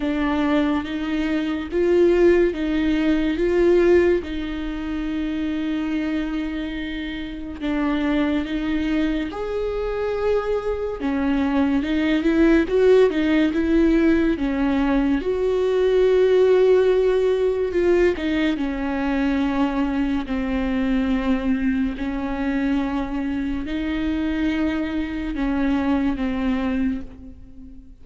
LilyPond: \new Staff \with { instrumentName = "viola" } { \time 4/4 \tempo 4 = 71 d'4 dis'4 f'4 dis'4 | f'4 dis'2.~ | dis'4 d'4 dis'4 gis'4~ | gis'4 cis'4 dis'8 e'8 fis'8 dis'8 |
e'4 cis'4 fis'2~ | fis'4 f'8 dis'8 cis'2 | c'2 cis'2 | dis'2 cis'4 c'4 | }